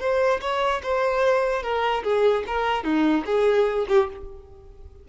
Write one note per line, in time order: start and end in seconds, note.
0.00 0.41 C5
0.41 0.82 C#5
0.83 1.63 C5
1.63 2.03 A#4
2.04 2.44 G#4
2.47 2.84 A#4
2.84 3.25 D#4
3.26 3.86 G#4
3.89 4.09 G4